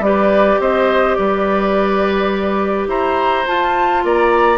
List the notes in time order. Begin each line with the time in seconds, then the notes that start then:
0.00 G3 G4 B4 D5
0.60 C4 C5 D#5
1.15 G3 B4 D5
2.88 E4 C5 A#5
3.47 F4 A5
4.04 A#3 D5 A#5